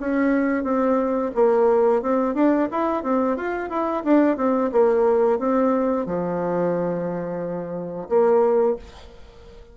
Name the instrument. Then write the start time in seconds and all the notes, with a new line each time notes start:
bassoon
0.00 C#4
0.64 C4
1.35 A#3
2.02 C4
2.35 D4
2.71 E4
3.03 C4
3.37 F4
3.70 E4
4.04 D4
4.37 C4
4.72 A#3
5.39 C4
6.06 F3
8.09 A#3